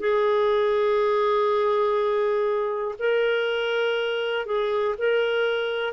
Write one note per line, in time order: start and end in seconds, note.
0.00 2.95 G#4
2.99 4.46 A#4
4.46 4.95 G#4
4.99 5.93 A#4